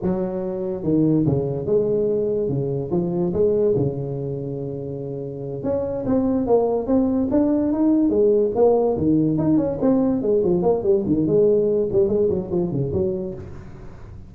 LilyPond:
\new Staff \with { instrumentName = "tuba" } { \time 4/4 \tempo 4 = 144 fis2 dis4 cis4 | gis2 cis4 f4 | gis4 cis2.~ | cis4. cis'4 c'4 ais8~ |
ais8 c'4 d'4 dis'4 gis8~ | gis8 ais4 dis4 dis'8 cis'8 c'8~ | c'8 gis8 f8 ais8 g8 dis8 gis4~ | gis8 g8 gis8 fis8 f8 cis8 fis4 | }